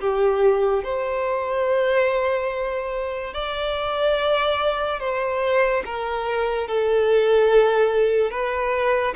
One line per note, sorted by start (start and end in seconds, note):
0.00 0.83 G4
0.84 3.33 C5
3.33 5.00 D5
5.00 5.83 C5
5.85 6.67 A#4
6.67 8.31 A4
8.31 9.14 B4